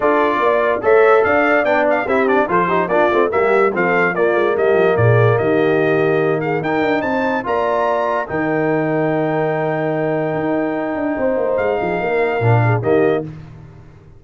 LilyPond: <<
  \new Staff \with { instrumentName = "trumpet" } { \time 4/4 \tempo 4 = 145 d''2 e''4 f''4 | g''8 f''8 e''8 d''8 c''4 d''4 | e''4 f''4 d''4 dis''4 | d''4 dis''2~ dis''8 f''8 |
g''4 a''4 ais''2 | g''1~ | g''1 | f''2. dis''4 | }
  \new Staff \with { instrumentName = "horn" } { \time 4/4 a'4 d''4 cis''4 d''4~ | d''4 g'4 a'8 g'8 f'4 | g'4 a'4 f'4 g'4 | gis'4 g'2~ g'8 gis'8 |
ais'4 c''4 d''2 | ais'1~ | ais'2. c''4~ | c''8 gis'8 ais'4. gis'8 g'4 | }
  \new Staff \with { instrumentName = "trombone" } { \time 4/4 f'2 a'2 | d'4 e'8 d'8 f'8 dis'8 d'8 c'8 | ais4 c'4 ais2~ | ais1 |
dis'2 f'2 | dis'1~ | dis'1~ | dis'2 d'4 ais4 | }
  \new Staff \with { instrumentName = "tuba" } { \time 4/4 d'4 ais4 a4 d'4 | b4 c'4 f4 ais8 a8 | g4 f4 ais8 gis8 g8 f8 | ais,4 dis2. |
dis'8 d'8 c'4 ais2 | dis1~ | dis4 dis'4. d'8 c'8 ais8 | gis8 f8 ais4 ais,4 dis4 | }
>>